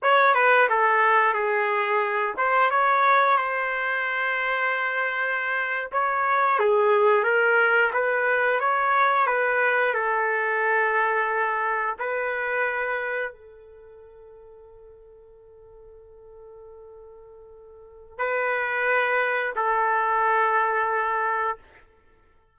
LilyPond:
\new Staff \with { instrumentName = "trumpet" } { \time 4/4 \tempo 4 = 89 cis''8 b'8 a'4 gis'4. c''8 | cis''4 c''2.~ | c''8. cis''4 gis'4 ais'4 b'16~ | b'8. cis''4 b'4 a'4~ a'16~ |
a'4.~ a'16 b'2 a'16~ | a'1~ | a'2. b'4~ | b'4 a'2. | }